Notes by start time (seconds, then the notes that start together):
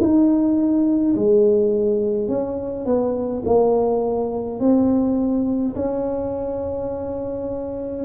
0.00 D#4
1.15 G#3
2.28 C#4
2.85 B3
3.46 A#3
4.60 C4
5.75 C#4